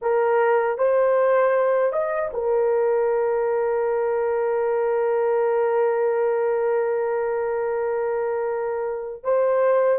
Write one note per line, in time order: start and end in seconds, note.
0.01 0.78 A#4
0.78 1.92 C5
1.92 2.30 D#5
2.33 9.23 A#4
9.23 9.99 C5